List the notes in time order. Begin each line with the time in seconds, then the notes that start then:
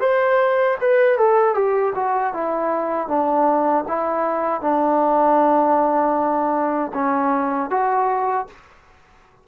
0.00 C5
0.80 B4
1.18 A4
1.55 G4
1.95 F#4
2.34 E4
3.08 D4
3.88 E4
4.61 D4
6.94 C#4
7.70 F#4